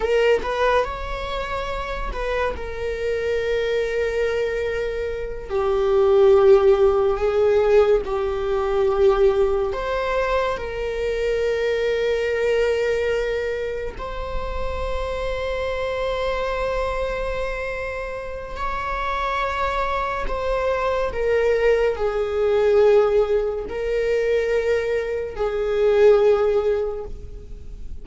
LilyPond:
\new Staff \with { instrumentName = "viola" } { \time 4/4 \tempo 4 = 71 ais'8 b'8 cis''4. b'8 ais'4~ | ais'2~ ais'8 g'4.~ | g'8 gis'4 g'2 c''8~ | c''8 ais'2.~ ais'8~ |
ais'8 c''2.~ c''8~ | c''2 cis''2 | c''4 ais'4 gis'2 | ais'2 gis'2 | }